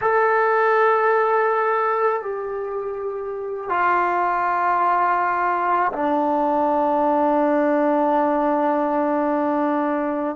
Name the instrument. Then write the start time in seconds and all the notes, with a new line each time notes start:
trombone
0.01 A4
2.22 G4
3.69 F4
5.92 D4